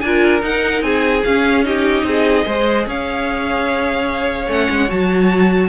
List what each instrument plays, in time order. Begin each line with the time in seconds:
0.00 cello D4, viola F4, violin A#4 G#5
0.40 viola D#4, cello D#4, violin F#5
0.82 cello C4, violin G#4 G#5
1.24 cello C#4, viola C#4, violin F5
1.64 viola D#4, violin G4 D#5
2.03 cello C4, violin G#4
2.44 cello G#3, viola G#4, violin C5
2.86 cello C#4, violin C#5 F5
4.47 cello A3, viola C#4, violin F#5
4.70 cello G#3
4.88 cello F#3, viola F#4, violin A5